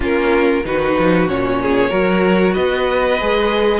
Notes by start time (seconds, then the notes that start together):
0.00 A#3 C#4 F4 A#4
0.64 D#3 D#4 F#4 B4
0.98 F3
1.26 A#2 C#4 C#5
1.62 G#4
1.89 F#3 F#4 A#4
2.53 B3 B4 D#5
3.20 G#3 G#4